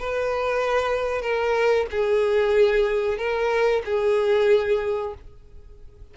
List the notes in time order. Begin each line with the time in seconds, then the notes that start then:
0.00 B4
1.22 A#4
1.91 G#4
3.18 A#4
3.85 G#4